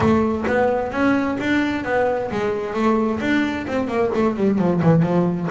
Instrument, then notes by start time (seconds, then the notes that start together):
double bass
0.00 A3
0.47 B3
0.91 C#4
1.40 D4
1.84 B3
2.31 G#3
2.73 A3
3.20 D4
3.67 C4
3.87 A#3
4.14 A3
4.36 G3
4.58 F3
4.82 E3
5.02 F3